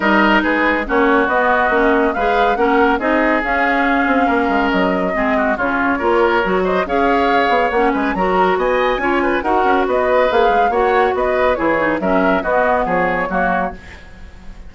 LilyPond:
<<
  \new Staff \with { instrumentName = "flute" } { \time 4/4 \tempo 4 = 140 dis''4 b'4 cis''4 dis''4~ | dis''4 f''4 fis''4 dis''4 | f''2. dis''4~ | dis''4 cis''2~ cis''8 dis''8 |
f''2 fis''8 gis''8 ais''4 | gis''2 fis''4 dis''4 | f''4 fis''4 dis''4 cis''4 | e''4 dis''4 cis''2 | }
  \new Staff \with { instrumentName = "oboe" } { \time 4/4 ais'4 gis'4 fis'2~ | fis'4 b'4 ais'4 gis'4~ | gis'2 ais'2 | gis'8 fis'8 f'4 ais'4. c''8 |
cis''2~ cis''8 b'8 ais'4 | dis''4 cis''8 b'8 ais'4 b'4~ | b'4 cis''4 b'4 gis'4 | ais'4 fis'4 gis'4 fis'4 | }
  \new Staff \with { instrumentName = "clarinet" } { \time 4/4 dis'2 cis'4 b4 | cis'4 gis'4 cis'4 dis'4 | cis'1 | c'4 cis'4 f'4 fis'4 |
gis'2 cis'4 fis'4~ | fis'4 f'4 fis'2 | gis'4 fis'2 e'8 dis'8 | cis'4 b2 ais4 | }
  \new Staff \with { instrumentName = "bassoon" } { \time 4/4 g4 gis4 ais4 b4 | ais4 gis4 ais4 c'4 | cis'4. c'8 ais8 gis8 fis4 | gis4 cis4 ais4 fis4 |
cis'4. b8 ais8 gis8 fis4 | b4 cis'4 dis'8 cis'8 b4 | ais8 gis8 ais4 b4 e4 | fis4 b4 f4 fis4 | }
>>